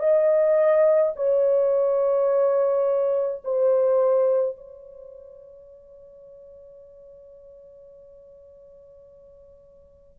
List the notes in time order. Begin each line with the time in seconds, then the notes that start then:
0.00 D#5
1.16 C#5
3.45 C5
4.57 C#5